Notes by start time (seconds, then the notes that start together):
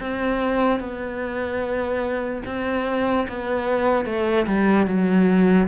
0.00 C4
0.80 B3
2.45 C4
3.28 B3
4.05 A3
4.46 G3
4.86 F#3